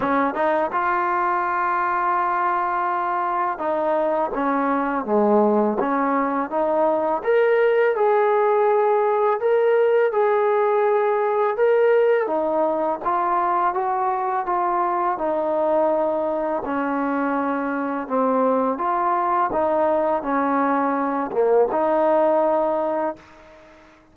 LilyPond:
\new Staff \with { instrumentName = "trombone" } { \time 4/4 \tempo 4 = 83 cis'8 dis'8 f'2.~ | f'4 dis'4 cis'4 gis4 | cis'4 dis'4 ais'4 gis'4~ | gis'4 ais'4 gis'2 |
ais'4 dis'4 f'4 fis'4 | f'4 dis'2 cis'4~ | cis'4 c'4 f'4 dis'4 | cis'4. ais8 dis'2 | }